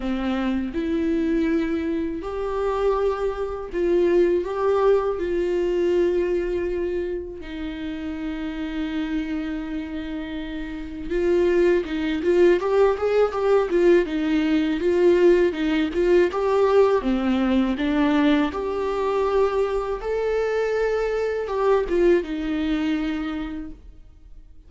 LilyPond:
\new Staff \with { instrumentName = "viola" } { \time 4/4 \tempo 4 = 81 c'4 e'2 g'4~ | g'4 f'4 g'4 f'4~ | f'2 dis'2~ | dis'2. f'4 |
dis'8 f'8 g'8 gis'8 g'8 f'8 dis'4 | f'4 dis'8 f'8 g'4 c'4 | d'4 g'2 a'4~ | a'4 g'8 f'8 dis'2 | }